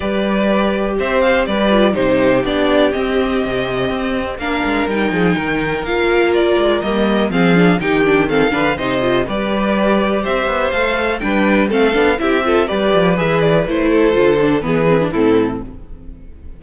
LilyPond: <<
  \new Staff \with { instrumentName = "violin" } { \time 4/4 \tempo 4 = 123 d''2 e''8 f''8 d''4 | c''4 d''4 dis''2~ | dis''4 f''4 g''2 | f''4 d''4 dis''4 f''4 |
g''4 f''4 dis''4 d''4~ | d''4 e''4 f''4 g''4 | f''4 e''4 d''4 e''8 d''8 | c''2 b'4 a'4 | }
  \new Staff \with { instrumentName = "violin" } { \time 4/4 b'2 c''4 b'4 | g'1~ | g'4 ais'4. gis'8 ais'4~ | ais'2. gis'4 |
g'4 a'8 b'8 c''4 b'4~ | b'4 c''2 b'4 | a'4 g'8 a'8 b'2~ | b'8 a'4. gis'4 e'4 | }
  \new Staff \with { instrumentName = "viola" } { \time 4/4 g'2.~ g'8 f'8 | dis'4 d'4 c'2~ | c'4 d'4 dis'2 | f'2 ais4 c'8 d'8 |
dis'8 d'8 c'8 d'8 dis'8 f'8 g'4~ | g'2 a'4 d'4 | c'8 d'8 e'8 f'8 g'4 gis'4 | e'4 f'8 d'8 b8 c'16 d'16 c'4 | }
  \new Staff \with { instrumentName = "cello" } { \time 4/4 g2 c'4 g4 | c4 b4 c'4 c4 | c'4 ais8 gis8 g8 f8 dis4 | ais4. gis8 g4 f4 |
dis4. d8 c4 g4~ | g4 c'8 b8 a4 g4 | a8 b8 c'4 g8 f8 e4 | a4 d4 e4 a,4 | }
>>